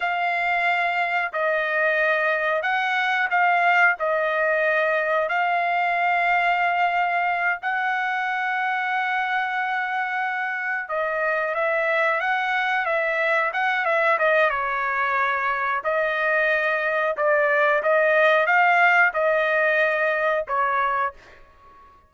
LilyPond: \new Staff \with { instrumentName = "trumpet" } { \time 4/4 \tempo 4 = 91 f''2 dis''2 | fis''4 f''4 dis''2 | f''2.~ f''8 fis''8~ | fis''1~ |
fis''8 dis''4 e''4 fis''4 e''8~ | e''8 fis''8 e''8 dis''8 cis''2 | dis''2 d''4 dis''4 | f''4 dis''2 cis''4 | }